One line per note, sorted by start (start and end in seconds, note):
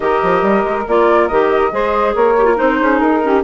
0.00 0.21 D#3
0.00 0.86 G4
0.00 1.72 A#4
0.00 0.84 D#5
0.23 0.42 F3
0.42 0.63 G3
0.64 0.85 G#3
0.87 1.30 A#3
0.87 1.30 F4
0.87 1.27 D5
1.27 1.72 D#3
1.27 1.71 G4
1.27 2.13 D#5
1.71 2.14 G#3
1.71 2.35 G#4
1.71 2.14 C5
2.14 2.58 A#3
2.14 2.78 A#4
2.14 2.57 C#5
2.37 2.44 G4
2.44 2.55 F4
2.56 2.81 C4
2.56 3.20 D#4
2.56 2.99 C5
2.80 3.00 C#4
2.80 3.22 G#4
2.99 3.43 D#4
2.99 3.42 A#4
3.22 3.43 C#4
3.22 3.43 G4